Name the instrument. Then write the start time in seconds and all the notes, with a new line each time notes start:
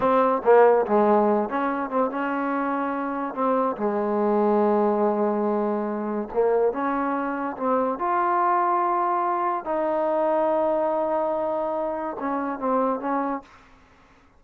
trombone
0.00 C4
0.43 A#3
0.86 G#3
1.49 C#4
1.89 C4
2.10 C#4
3.34 C4
3.76 G#3
6.33 A#3
6.72 C#4
7.57 C4
7.98 F4
9.64 D#4
12.19 C#4
12.59 C4
13.00 C#4